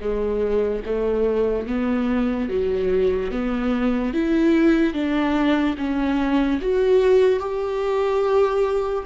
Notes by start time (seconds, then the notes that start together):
0.00 G#3
0.86 A3
1.67 B3
2.49 F#3
3.31 B3
4.14 E4
4.94 D4
5.78 C#4
6.61 F#4
7.39 G4